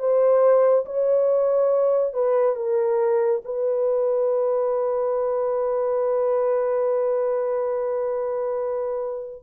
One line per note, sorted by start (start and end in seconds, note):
0.00 0.86 C5
0.86 2.14 C#5
2.14 2.56 B4
2.56 3.42 A#4
3.45 9.43 B4